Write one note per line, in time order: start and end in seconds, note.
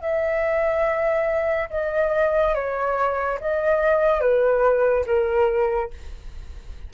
0.00 1.69 E5
1.70 2.54 D#5
2.54 3.39 C#5
3.40 4.21 D#5
4.21 5.05 B4
5.06 5.91 A#4